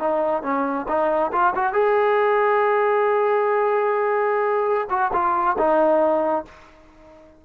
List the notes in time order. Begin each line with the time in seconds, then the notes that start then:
0.00 D#4
0.43 C#4
0.89 D#4
1.32 F4
1.55 F#4
1.74 G#4
4.90 F#4
5.13 F4
5.58 D#4